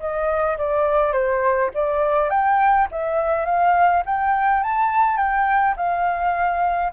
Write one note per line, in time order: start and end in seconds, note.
0.00 0.58 D#5
0.58 1.13 D5
1.13 1.71 C5
1.75 2.30 D5
2.30 2.88 G5
2.92 3.46 E5
3.46 4.03 F5
4.06 4.64 G5
4.64 5.17 A5
5.17 5.75 G5
5.77 6.93 F5